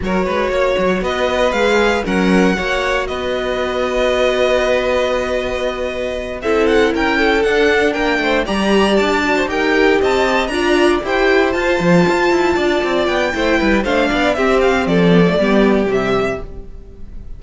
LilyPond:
<<
  \new Staff \with { instrumentName = "violin" } { \time 4/4 \tempo 4 = 117 cis''2 dis''4 f''4 | fis''2 dis''2~ | dis''1~ | dis''8 e''8 fis''8 g''4 fis''4 g''8~ |
g''8 ais''4 a''4 g''4 a''8~ | a''8 ais''4 g''4 a''4.~ | a''4. g''4. f''4 | e''8 f''8 d''2 e''4 | }
  \new Staff \with { instrumentName = "violin" } { \time 4/4 ais'8 b'8 cis''4 b'2 | ais'4 cis''4 b'2~ | b'1~ | b'8 a'4 ais'8 a'4. ais'8 |
c''8 d''4.~ d''16 c''16 ais'4 dis''8~ | dis''8 d''4 c''2~ c''8~ | c''8 d''4. c''8 b'8 c''8 d''8 | g'4 a'4 g'2 | }
  \new Staff \with { instrumentName = "viola" } { \time 4/4 fis'2. gis'4 | cis'4 fis'2.~ | fis'1~ | fis'8 e'2 d'4.~ |
d'8 g'4. fis'8 g'4.~ | g'8 f'4 g'4 f'4.~ | f'2 e'4 d'4 | c'4. b16 a16 b4 g4 | }
  \new Staff \with { instrumentName = "cello" } { \time 4/4 fis8 gis8 ais8 fis8 b4 gis4 | fis4 ais4 b2~ | b1~ | b8 c'4 cis'4 d'4 ais8 |
a8 g4 d'4 dis'4 c'8~ | c'8 d'4 e'4 f'8 f8 f'8 | e'8 d'8 c'8 b8 a8 g8 a8 b8 | c'4 f4 g4 c4 | }
>>